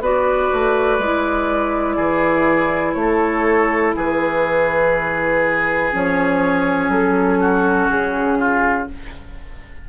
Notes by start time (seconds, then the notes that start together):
0.00 B3 F#4 B4 D5
0.53 A3
0.98 G#3 E4
1.96 E3 G#4
2.93 A3 C#5
3.01 A4
3.95 E3 G#4 B4
5.92 F3 C#4 C#5
6.88 F#3 A4
7.40 F#4
7.89 C#3 G#4
8.39 F4